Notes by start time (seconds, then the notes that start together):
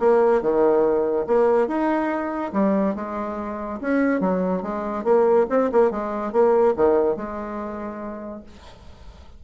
0.00 A#3
0.42 D#3
1.27 A#3
1.68 D#4
2.53 G3
2.96 G#3
3.81 C#4
4.20 F#3
4.63 G#3
5.04 A#3
5.50 C4
5.72 A#3
5.91 G#3
6.32 A#3
6.76 D#3
7.16 G#3